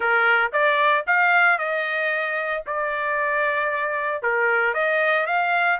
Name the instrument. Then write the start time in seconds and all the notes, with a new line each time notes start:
trumpet
0.00 A#4
0.52 D5
1.06 F5
1.58 D#5
2.66 D5
4.22 A#4
4.73 D#5
5.26 F5